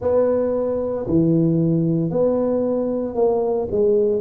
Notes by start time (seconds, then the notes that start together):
0.00 B3
1.07 E3
2.10 B3
3.15 A#3
3.71 G#3